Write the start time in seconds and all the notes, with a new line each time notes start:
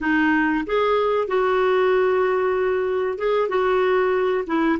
0.00 D#4
0.66 G#4
1.27 F#4
3.17 G#4
3.48 F#4
4.47 E4